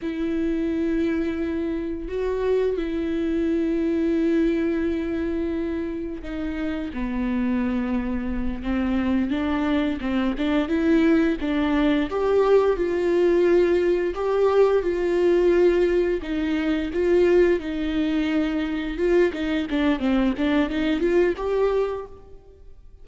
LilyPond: \new Staff \with { instrumentName = "viola" } { \time 4/4 \tempo 4 = 87 e'2. fis'4 | e'1~ | e'4 dis'4 b2~ | b8 c'4 d'4 c'8 d'8 e'8~ |
e'8 d'4 g'4 f'4.~ | f'8 g'4 f'2 dis'8~ | dis'8 f'4 dis'2 f'8 | dis'8 d'8 c'8 d'8 dis'8 f'8 g'4 | }